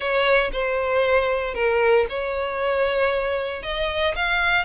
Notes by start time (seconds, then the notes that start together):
0.00 C#5
0.52 C5
1.54 A#4
2.09 C#5
3.63 D#5
4.15 F5